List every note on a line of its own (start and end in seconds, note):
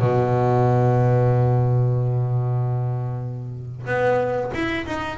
0.00 3.87 B2
3.87 4.51 B3
4.54 4.87 E4
4.87 5.18 D#4